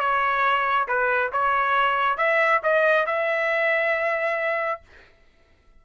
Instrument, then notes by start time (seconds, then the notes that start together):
trumpet
0.00 C#5
0.88 B4
1.33 C#5
2.18 E5
2.63 D#5
3.06 E5